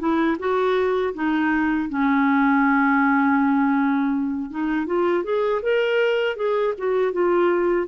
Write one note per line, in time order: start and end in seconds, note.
0.00 0.38 E4
0.39 1.14 F#4
1.15 1.89 D#4
1.89 4.51 C#4
4.51 4.86 D#4
4.86 5.24 F4
5.24 5.62 G#4
5.63 6.37 A#4
6.37 6.74 G#4
6.78 7.13 F#4
7.13 7.88 F4